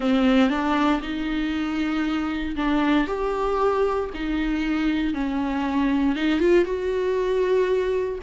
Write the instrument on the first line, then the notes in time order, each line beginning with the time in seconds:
viola
0.00 C4
0.49 D4
1.01 D#4
2.56 D4
3.07 G4
4.14 D#4
5.14 C#4
6.15 D#4
6.39 F4
6.64 F#4